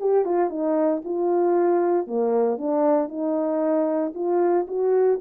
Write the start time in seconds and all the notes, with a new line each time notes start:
0.00 G4
0.25 F4
0.50 D#4
1.05 F4
2.07 A#3
2.58 D4
3.09 D#4
4.15 F4
4.68 F#4